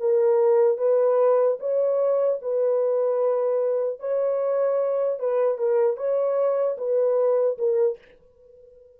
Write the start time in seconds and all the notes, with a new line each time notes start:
0.00 A#4
0.78 B4
1.60 C#5
2.42 B4
4.00 C#5
5.19 B4
5.58 A#4
5.97 C#5
6.78 B4
7.58 A#4